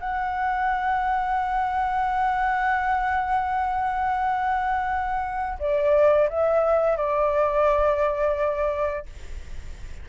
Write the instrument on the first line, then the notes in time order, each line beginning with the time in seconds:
flute
0.00 F#5
5.59 D5
6.29 E5
6.97 D5